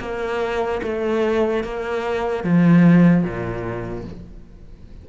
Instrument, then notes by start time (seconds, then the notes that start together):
cello
0.00 A#3
0.83 A3
1.64 A#3
2.44 F3
3.24 A#2